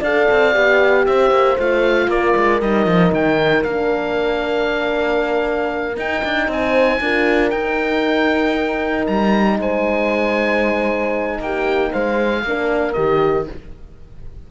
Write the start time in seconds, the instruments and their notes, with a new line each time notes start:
0.00 cello D4, horn A4 D5, oboe F5
0.31 cello C4
0.54 cello B3, horn G4
1.06 cello C4, horn C5, oboe E5
1.30 cello A#3
1.59 cello A3, horn F4, oboe F5
2.08 cello A#3, horn A#4, oboe D5
2.36 cello G#3
2.61 cello G3, horn D#4, oboe D#5
2.86 cello F3
3.12 cello D#3, oboe G5
3.64 cello A#3, horn D4, oboe F5
5.97 cello D#4, horn D#4, oboe G5
6.24 cello D4
6.48 cello C4, horn C5, oboe G#5
7.01 cello D4, horn F4 A#4
7.50 cello D#4, horn D#4, oboe G5
9.07 cello G3, oboe A#5
9.59 cello G#3, horn C5, oboe G#5
11.39 cello A#3, horn G4, oboe G5
11.91 cello G#3, horn C5, oboe F5
12.44 cello A#3, horn D4 A#4
12.93 cello D#3, horn G4, oboe D#5